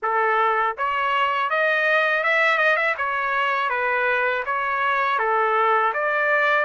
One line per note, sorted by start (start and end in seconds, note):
0.02 0.76 A4
0.77 1.50 C#5
1.50 2.23 D#5
2.23 2.58 E5
2.58 2.76 D#5
2.76 2.95 E5
2.97 3.69 C#5
3.69 4.43 B4
4.45 5.19 C#5
5.19 5.93 A4
5.93 6.65 D5